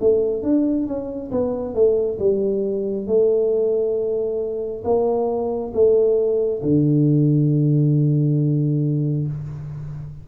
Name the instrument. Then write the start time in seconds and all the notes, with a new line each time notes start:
tuba
0.00 A3
0.43 D4
0.87 C#4
1.31 B3
1.74 A3
2.19 G3
3.07 A3
4.84 A#3
5.74 A3
6.63 D3